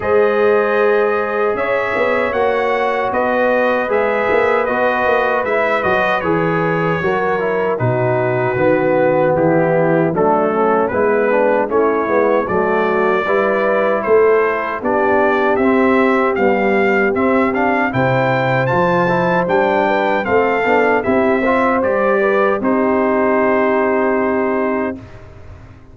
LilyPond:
<<
  \new Staff \with { instrumentName = "trumpet" } { \time 4/4 \tempo 4 = 77 dis''2 e''4 fis''4 | dis''4 e''4 dis''4 e''8 dis''8 | cis''2 b'2 | g'4 a'4 b'4 cis''4 |
d''2 c''4 d''4 | e''4 f''4 e''8 f''8 g''4 | a''4 g''4 f''4 e''4 | d''4 c''2. | }
  \new Staff \with { instrumentName = "horn" } { \time 4/4 c''2 cis''2 | b'1~ | b'4 ais'4 fis'2 | e'4 d'8 cis'8 b4 e'4 |
fis'4 b'4 a'4 g'4~ | g'2. c''4~ | c''4. b'8 a'4 g'8 c''8~ | c''8 b'8 g'2. | }
  \new Staff \with { instrumentName = "trombone" } { \time 4/4 gis'2. fis'4~ | fis'4 gis'4 fis'4 e'8 fis'8 | gis'4 fis'8 e'8 dis'4 b4~ | b4 a4 e'8 d'8 cis'8 b8 |
a4 e'2 d'4 | c'4 g4 c'8 d'8 e'4 | f'8 e'8 d'4 c'8 d'8 e'8 f'8 | g'4 dis'2. | }
  \new Staff \with { instrumentName = "tuba" } { \time 4/4 gis2 cis'8 b8 ais4 | b4 gis8 ais8 b8 ais8 gis8 fis8 | e4 fis4 b,4 dis4 | e4 fis4 gis4 a8 gis8 |
fis4 g4 a4 b4 | c'4 b4 c'4 c4 | f4 g4 a8 b8 c'4 | g4 c'2. | }
>>